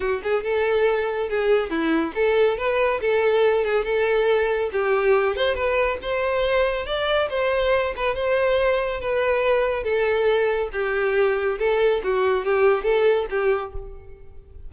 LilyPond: \new Staff \with { instrumentName = "violin" } { \time 4/4 \tempo 4 = 140 fis'8 gis'8 a'2 gis'4 | e'4 a'4 b'4 a'4~ | a'8 gis'8 a'2 g'4~ | g'8 c''8 b'4 c''2 |
d''4 c''4. b'8 c''4~ | c''4 b'2 a'4~ | a'4 g'2 a'4 | fis'4 g'4 a'4 g'4 | }